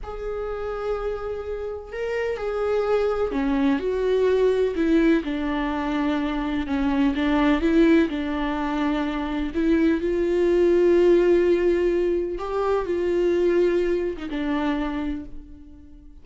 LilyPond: \new Staff \with { instrumentName = "viola" } { \time 4/4 \tempo 4 = 126 gis'1 | ais'4 gis'2 cis'4 | fis'2 e'4 d'4~ | d'2 cis'4 d'4 |
e'4 d'2. | e'4 f'2.~ | f'2 g'4 f'4~ | f'4.~ f'16 dis'16 d'2 | }